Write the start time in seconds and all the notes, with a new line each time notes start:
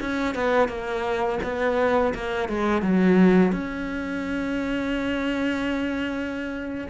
0.00 C#4
0.34 B3
0.68 A#3
1.43 B3
2.14 A#3
2.48 G#3
2.82 F#3
3.52 C#4